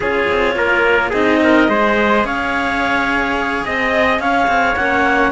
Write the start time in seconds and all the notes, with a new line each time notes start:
0.00 C#4 F4 G#4 C#5
0.29 C4
0.55 A#3 A#4
1.10 C4 D#4 G#4 D#5
1.43 A#4
1.67 G#3 G#4 C5
2.24 C#4 C#5 F5
3.64 C4 D#5
4.19 C#4 C#5 F5
4.47 C4
4.75 A#3 C#4 F#5